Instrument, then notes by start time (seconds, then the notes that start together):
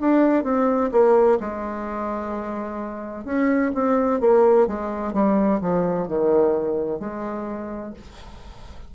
bassoon
0.00 D4
0.43 C4
0.91 A#3
1.40 G#3
3.25 C#4
3.74 C4
4.21 A#3
4.67 G#3
5.13 G3
5.61 F3
6.08 D#3
7.00 G#3